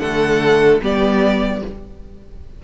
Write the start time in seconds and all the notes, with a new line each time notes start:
0.00 D3 A3 A4 F#5
0.82 G3 B3 G4 D5